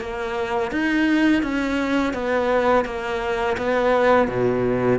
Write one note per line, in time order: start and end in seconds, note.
0.00 0.71 A#3
0.71 1.43 D#4
1.43 2.14 C#4
2.14 2.85 B3
2.85 3.56 A#3
3.57 4.28 B3
4.28 4.99 B2